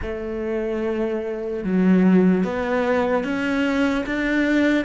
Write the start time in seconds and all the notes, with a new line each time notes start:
0.02 A3
1.64 F#3
2.44 B3
3.24 C#4
4.05 D4